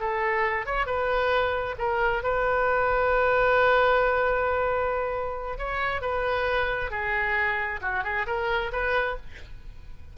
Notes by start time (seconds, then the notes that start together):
0.00 A4
0.66 C#5
0.86 B4
1.78 A#4
2.23 B4
5.58 C#5
6.02 B4
6.91 G#4
7.82 F#4
8.04 G#4
8.27 A#4
8.72 B4